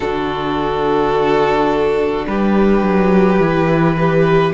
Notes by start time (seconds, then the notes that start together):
0.00 D3 D4 F#4 A4
2.26 G3 G4 B4
2.83 F#3
3.39 E3 E4
3.96 G4 B4